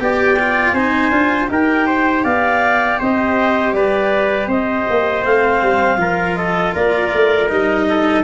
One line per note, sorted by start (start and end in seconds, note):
0.00 0.73 B3
0.00 0.38 G4
0.00 0.75 D5
0.00 0.73 G5
0.40 0.76 F4
0.73 1.10 C4
0.73 1.12 D#4
0.73 1.50 C5
0.73 1.48 G#5
1.11 1.48 D4
1.11 1.48 F4
1.48 2.25 D#4
1.48 5.23 G4
1.48 1.87 A#4
1.48 2.24 G5
1.87 2.24 C5
2.24 3.00 B3
2.24 2.99 D5
2.24 2.99 F5
3.00 3.73 C4
3.00 3.75 C5
3.00 3.73 D#5
3.73 4.47 G3
3.73 4.49 B4
3.73 4.48 D5
4.47 4.85 C4
4.47 5.99 C5
4.47 5.25 D#5
4.90 5.25 A#3
5.23 5.62 A3
5.23 5.98 C4
5.23 6.36 F5
5.62 5.97 G3
5.97 6.72 F3
5.97 7.48 F4
5.97 6.38 A#4
6.36 6.74 A4
6.36 6.73 D#5
6.74 7.13 A#3
6.74 7.87 A#4
6.74 7.49 D5
7.14 7.51 A3
7.49 8.24 G3
7.49 8.24 D#4
7.49 8.24 D#5
7.89 8.24 A4